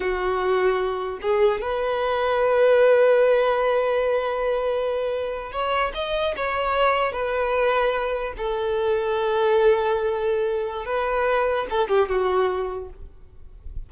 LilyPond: \new Staff \with { instrumentName = "violin" } { \time 4/4 \tempo 4 = 149 fis'2. gis'4 | b'1~ | b'1~ | b'4.~ b'16 cis''4 dis''4 cis''16~ |
cis''4.~ cis''16 b'2~ b'16~ | b'8. a'2.~ a'16~ | a'2. b'4~ | b'4 a'8 g'8 fis'2 | }